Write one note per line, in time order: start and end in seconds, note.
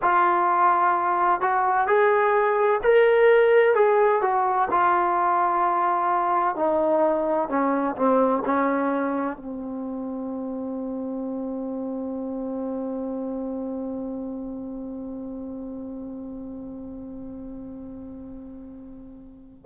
0.02 1.41 F4
1.41 1.87 F#4
1.87 2.80 G#4
2.83 3.75 A#4
3.75 4.21 G#4
4.21 4.68 F#4
4.70 6.55 F4
6.55 7.48 D#4
7.48 7.95 C#4
7.96 8.42 C4
8.45 9.36 C#4
9.36 19.65 C4